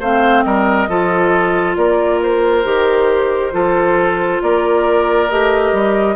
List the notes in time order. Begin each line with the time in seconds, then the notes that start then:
0.00 A3 C4 C5 F5
0.43 G3 A#4 D#5
0.88 F3 F4 A4
1.76 A#3 A#4 D5
2.22 C5
2.64 D#3 G4
3.52 F3 F4 A4
4.42 A#3 A#4 D5
5.29 A3 G4 D#5
5.73 G3